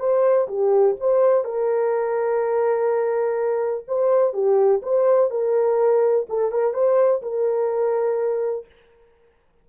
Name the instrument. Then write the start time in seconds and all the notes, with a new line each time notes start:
horn
0.00 C5
0.49 G4
1.00 C5
1.45 A#4
3.88 C5
4.34 G4
4.83 C5
5.31 A#4
6.30 A4
6.52 A#4
6.74 C5
7.22 A#4